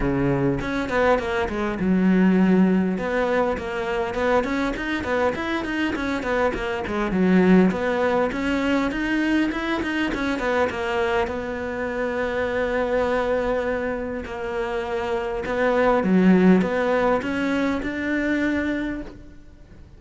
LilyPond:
\new Staff \with { instrumentName = "cello" } { \time 4/4 \tempo 4 = 101 cis4 cis'8 b8 ais8 gis8 fis4~ | fis4 b4 ais4 b8 cis'8 | dis'8 b8 e'8 dis'8 cis'8 b8 ais8 gis8 | fis4 b4 cis'4 dis'4 |
e'8 dis'8 cis'8 b8 ais4 b4~ | b1 | ais2 b4 fis4 | b4 cis'4 d'2 | }